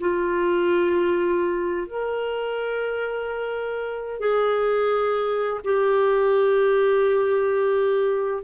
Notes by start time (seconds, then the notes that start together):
0.00 F4
1.87 A#4
4.20 G#4
5.64 G4